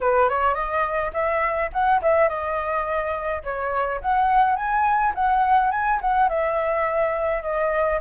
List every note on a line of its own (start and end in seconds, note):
0.00 0.29 B4
0.29 0.54 C#5
0.54 1.11 D#5
1.13 1.70 E5
1.72 2.01 F#5
2.02 2.28 E5
2.28 3.43 D#5
3.43 4.01 C#5
4.01 4.56 F#5
4.56 5.13 G#5
5.15 5.71 F#5
5.71 5.99 G#5
6.01 6.28 F#5
6.28 7.42 E5
7.42 7.99 D#5